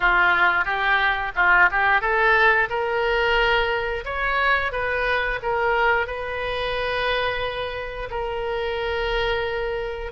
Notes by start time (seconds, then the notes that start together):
0.00 F4
0.64 G4
1.35 F4
1.71 G4
2.01 A4
2.69 A#4
4.04 C#5
4.72 B4
5.42 A#4
6.06 B4
8.10 A#4